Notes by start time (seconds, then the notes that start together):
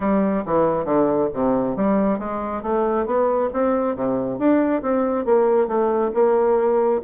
0.00 G3
0.45 E3
0.84 D3
1.33 C3
1.76 G3
2.18 G#3
2.62 A3
3.06 B3
3.53 C4
3.95 C3
4.39 D4
4.82 C4
5.25 A#3
5.67 A3
6.13 A#3